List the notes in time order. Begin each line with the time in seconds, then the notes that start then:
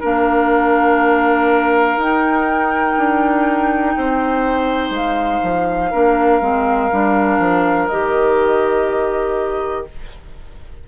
0.00 A#3 D4 A#4 F5
1.97 D#4 G5
2.98 D4
3.96 C4 C5
4.90 G#3 F5
5.43 F3
5.91 A#3 D4 A#4
6.41 G#3 C4
6.91 G3 D4
7.39 F3
7.87 D#3 G4 D#5